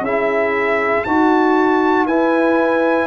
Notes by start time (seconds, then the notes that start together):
0.00 C#4 E4 G#4 E5
1.04 D#4 F#4 A5
2.06 E4 B4 G#5